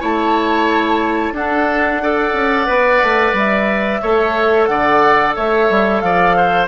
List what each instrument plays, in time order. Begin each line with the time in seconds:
0.00 bassoon A3, clarinet E4, oboe C#5, flute A5
1.32 bassoon D4, clarinet D4, oboe A4, flute F#5
2.03 clarinet A4, oboe D5
2.33 bassoon C#4
2.66 bassoon B3, clarinet B4
3.02 bassoon A3
3.33 bassoon G3, flute E5
4.02 bassoon A3, clarinet A4, oboe C#5
4.66 bassoon D3, oboe D5, flute F#5
5.36 bassoon A3, oboe C#5, flute E5
5.70 bassoon G3
6.00 bassoon F3, oboe D5, flute F5
6.37 oboe C5